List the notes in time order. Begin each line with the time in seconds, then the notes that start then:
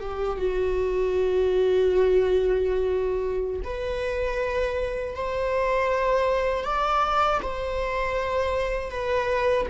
0.00 G4
0.38 F#4
3.64 B4
5.15 C5
6.65 D5
7.42 C5
8.91 B4